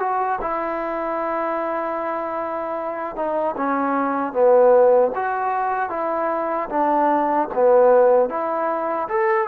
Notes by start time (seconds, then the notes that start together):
0.00 F#4
0.42 E4
3.17 D#4
3.57 C#4
4.33 B3
5.16 F#4
5.90 E4
6.70 D4
7.55 B3
8.30 E4
9.09 A4